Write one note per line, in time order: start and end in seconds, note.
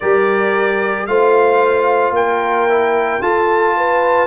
0.00 1.07 G3
0.00 1.08 G4
0.00 1.08 A#4
0.00 1.06 D5
1.06 2.10 A3
1.06 2.69 F4
1.06 2.16 C5
1.06 2.13 F5
2.10 3.18 A#3
2.10 3.22 A#4
2.10 3.22 G5
2.69 3.21 E4
3.21 4.27 F4
3.21 3.75 A4
3.21 4.27 A5
3.77 4.27 B4